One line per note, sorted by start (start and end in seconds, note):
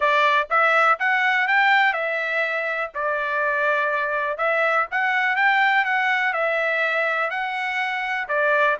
0.00 0.47 D5
0.50 0.99 E5
0.99 1.47 F#5
1.47 1.93 G5
1.93 2.90 E5
2.94 4.37 D5
4.37 4.86 E5
4.91 5.35 F#5
5.35 5.84 G5
5.84 6.33 F#5
6.33 7.30 E5
7.30 8.27 F#5
8.28 8.77 D5